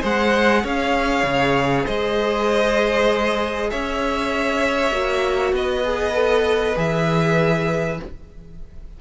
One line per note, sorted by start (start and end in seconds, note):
0.00 0.64 G#3
0.00 4.91 G#4
0.00 0.61 C5
0.00 0.66 F#5
0.64 1.23 C#4
0.64 1.85 C#5
0.64 1.86 F5
1.23 1.85 C#3
1.85 3.71 G#3
1.85 3.69 C5
1.85 3.70 D#5
3.70 4.91 C#4
3.70 5.54 C#5
3.70 5.54 E5
4.91 5.52 A#3
4.91 5.83 F#4
5.52 6.75 B3
5.52 8.01 B4
5.52 6.78 D#5
5.84 6.13 G#4
6.13 6.74 A4
6.76 7.99 E3
6.76 7.98 G#4
6.76 8.01 E5